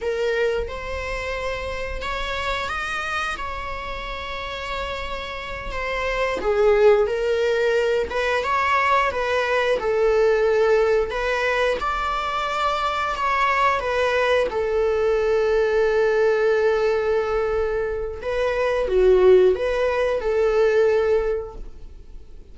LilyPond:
\new Staff \with { instrumentName = "viola" } { \time 4/4 \tempo 4 = 89 ais'4 c''2 cis''4 | dis''4 cis''2.~ | cis''8 c''4 gis'4 ais'4. | b'8 cis''4 b'4 a'4.~ |
a'8 b'4 d''2 cis''8~ | cis''8 b'4 a'2~ a'8~ | a'2. b'4 | fis'4 b'4 a'2 | }